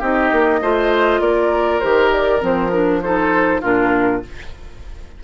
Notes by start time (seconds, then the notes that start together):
0.00 C4 D#4 G4 D#5
0.32 A#3
0.62 A3 F4 C5
1.21 A#3 A#4 D5
1.80 D#3 G4 C5
2.13 D5
2.40 F3 C4 C5
2.71 D4 A#4
3.02 D#4 A4 C5
3.62 A#2 D4 F4 A#4